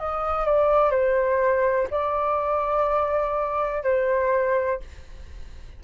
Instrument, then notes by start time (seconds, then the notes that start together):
flute
0.00 D#5
0.46 D5
0.91 C5
1.91 D5
3.84 C5